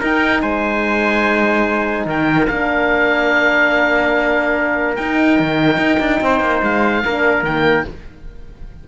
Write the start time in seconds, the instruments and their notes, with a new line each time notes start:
0.00 horn D#4, cello D#4, trumpet A#4, oboe G5
0.41 cello G#3, trumpet C5, oboe G#5
2.06 cello D#3, trumpet A#4, oboe G5
2.47 cello A#3, horn D4, oboe F5
4.96 cello D#4, horn D#4, oboe G5
5.39 cello D#3
5.77 cello D#4
6.00 cello D4
6.21 cello C4, trumpet C5
6.40 cello A#3
6.63 cello G#3, oboe F5
7.05 cello A#3, horn D4, trumpet A#4
7.43 cello D#3, horn A#3, oboe G5